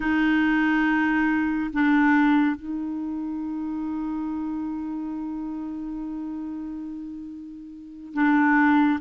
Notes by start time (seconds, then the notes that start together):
0.00 D#4
1.73 D4
2.56 D#4
8.14 D4